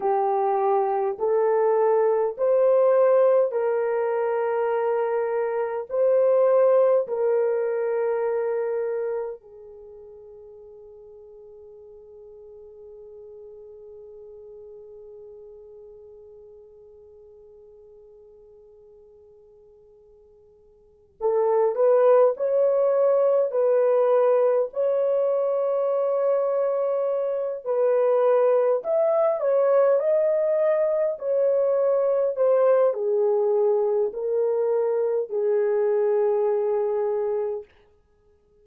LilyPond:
\new Staff \with { instrumentName = "horn" } { \time 4/4 \tempo 4 = 51 g'4 a'4 c''4 ais'4~ | ais'4 c''4 ais'2 | gis'1~ | gis'1~ |
gis'2 a'8 b'8 cis''4 | b'4 cis''2~ cis''8 b'8~ | b'8 e''8 cis''8 dis''4 cis''4 c''8 | gis'4 ais'4 gis'2 | }